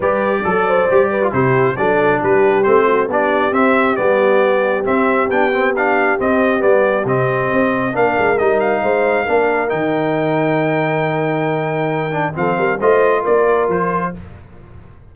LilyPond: <<
  \new Staff \with { instrumentName = "trumpet" } { \time 4/4 \tempo 4 = 136 d''2. c''4 | d''4 b'4 c''4 d''4 | e''4 d''2 e''4 | g''4 f''4 dis''4 d''4 |
dis''2 f''4 dis''8 f''8~ | f''2 g''2~ | g''1 | f''4 dis''4 d''4 c''4 | }
  \new Staff \with { instrumentName = "horn" } { \time 4/4 b'4 a'8 c''4 b'8 g'4 | a'4 g'4. fis'8 g'4~ | g'1~ | g'1~ |
g'2 ais'2 | c''4 ais'2.~ | ais'1 | a'8 ais'8 c''4 ais'2 | }
  \new Staff \with { instrumentName = "trombone" } { \time 4/4 g'4 a'4 g'8. f'16 e'4 | d'2 c'4 d'4 | c'4 b2 c'4 | d'8 c'8 d'4 c'4 b4 |
c'2 d'4 dis'4~ | dis'4 d'4 dis'2~ | dis'2.~ dis'8 d'8 | c'4 f'2. | }
  \new Staff \with { instrumentName = "tuba" } { \time 4/4 g4 fis4 g4 c4 | fis4 g4 a4 b4 | c'4 g2 c'4 | b2 c'4 g4 |
c4 c'4 ais8 gis8 g4 | gis4 ais4 dis2~ | dis1 | f8 g8 a4 ais4 f4 | }
>>